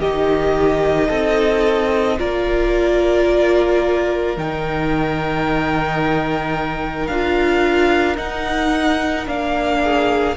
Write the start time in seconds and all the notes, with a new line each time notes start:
0.00 D#3 D#4 G4 D#5
1.08 C4 A4
2.18 A#3 F4 A#4 D5
4.37 D#3 D#4 G5
7.07 D4 F4 F5
8.16 D#4 F#5
9.26 A#3 D4 F5
9.82 G#4